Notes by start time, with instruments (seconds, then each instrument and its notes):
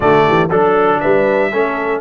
0.00 tuba D3, trombone A3, horn F#4, trumpet D5
0.27 tuba E3, horn G4
0.49 tuba F#3, trombone D4, horn A4, trumpet A4
1.00 tuba G3, horn B4, trumpet E5
1.52 tuba A3, trombone C#4, horn A4